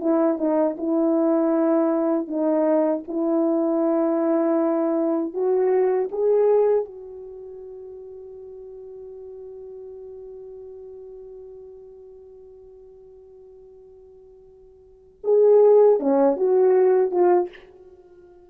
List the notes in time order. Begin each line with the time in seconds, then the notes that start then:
0.00 E4
0.38 D#4
0.78 E4
2.28 D#4
3.08 E4
5.34 F#4
6.12 G#4
6.85 F#4
15.24 G#4
16.00 C#4
16.37 F#4
17.11 F4